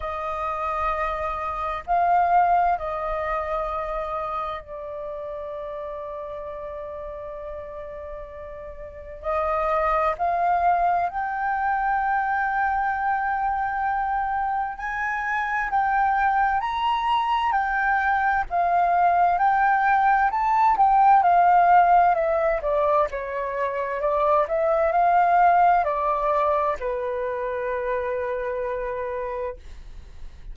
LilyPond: \new Staff \with { instrumentName = "flute" } { \time 4/4 \tempo 4 = 65 dis''2 f''4 dis''4~ | dis''4 d''2.~ | d''2 dis''4 f''4 | g''1 |
gis''4 g''4 ais''4 g''4 | f''4 g''4 a''8 g''8 f''4 | e''8 d''8 cis''4 d''8 e''8 f''4 | d''4 b'2. | }